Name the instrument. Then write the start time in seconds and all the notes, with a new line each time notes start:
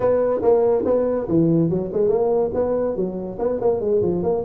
tuba
0.00 B3
0.42 A#3
0.85 B3
1.28 E3
1.69 F#3
1.92 G#3
2.08 A#3
2.54 B3
2.96 F#3
3.38 B3
3.60 A#3
3.80 G#3
4.02 F3
4.23 A#3